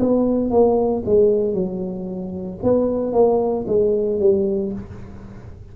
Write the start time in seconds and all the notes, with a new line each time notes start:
0.00 B3
0.51 A#3
1.06 G#3
1.54 F#3
2.63 B3
3.13 A#3
3.67 G#3
4.20 G3